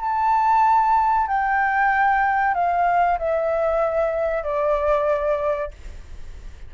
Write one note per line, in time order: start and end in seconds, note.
0.00 1.27 A5
1.27 2.54 G5
2.54 3.18 F5
3.18 4.43 E5
4.43 5.71 D5